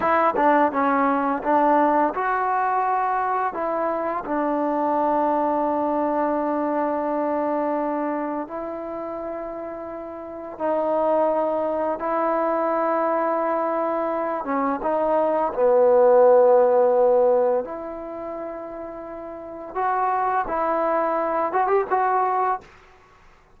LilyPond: \new Staff \with { instrumentName = "trombone" } { \time 4/4 \tempo 4 = 85 e'8 d'8 cis'4 d'4 fis'4~ | fis'4 e'4 d'2~ | d'1 | e'2. dis'4~ |
dis'4 e'2.~ | e'8 cis'8 dis'4 b2~ | b4 e'2. | fis'4 e'4. fis'16 g'16 fis'4 | }